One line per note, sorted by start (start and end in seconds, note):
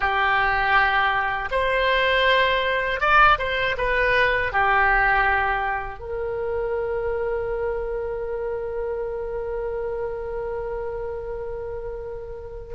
0.00 1.49 G4
1.51 3.00 C5
3.00 3.38 D5
3.38 3.75 C5
3.77 4.52 B4
4.52 5.99 G4
5.99 12.74 A#4